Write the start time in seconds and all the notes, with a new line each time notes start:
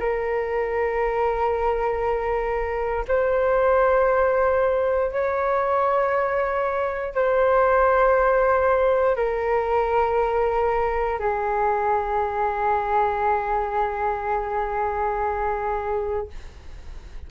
0.00 A#4
3.08 C5
5.12 C#5
7.15 C5
9.16 A#4
11.20 G#4